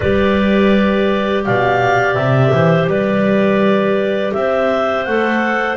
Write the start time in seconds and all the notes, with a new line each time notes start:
0.00 G3 G4 B4 D5
1.44 B2 D5 F5
2.14 C3 E5
2.53 E3 C5
2.87 G3 B4 D5
4.33 C4 C5 E5
5.04 A3 A4 F#5